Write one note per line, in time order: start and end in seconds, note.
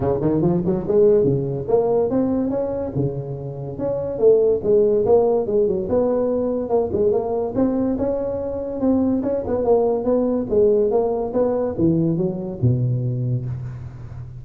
0.00 0.19 C#3
0.21 0.41 D#3
0.41 0.62 F3
0.65 0.86 F#3
0.87 1.24 G#3
1.24 1.66 C#3
1.67 2.09 A#3
2.10 2.49 C4
2.49 2.91 C#4
2.95 3.78 C#3
3.78 4.18 C#4
4.18 4.60 A3
4.63 5.05 G#3
5.05 5.46 A#3
5.46 5.67 G#3
5.67 5.88 F#3
5.89 6.69 B3
6.69 6.90 A#3
6.92 7.11 G#3
7.11 7.53 A#3
7.55 7.97 C4
7.98 8.80 C#4
8.80 9.22 C4
9.23 9.43 C#4
9.47 9.64 B3
9.64 10.04 A#3
10.04 10.46 B3
10.49 10.90 G#3
10.90 11.32 A#3
11.33 11.75 B3
11.78 12.17 E3
12.17 12.59 F#3
12.61 13.45 B2